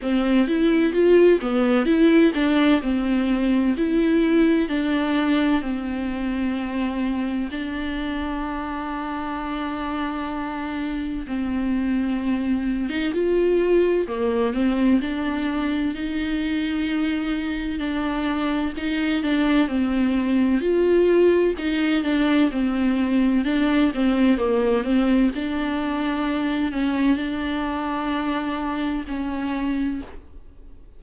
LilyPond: \new Staff \with { instrumentName = "viola" } { \time 4/4 \tempo 4 = 64 c'8 e'8 f'8 b8 e'8 d'8 c'4 | e'4 d'4 c'2 | d'1 | c'4.~ c'16 dis'16 f'4 ais8 c'8 |
d'4 dis'2 d'4 | dis'8 d'8 c'4 f'4 dis'8 d'8 | c'4 d'8 c'8 ais8 c'8 d'4~ | d'8 cis'8 d'2 cis'4 | }